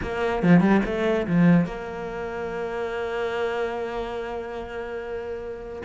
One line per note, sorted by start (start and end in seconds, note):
0.02 0.42 A#3
0.42 0.60 F3
0.60 0.81 G3
0.85 1.26 A3
1.27 1.65 F3
1.65 5.82 A#3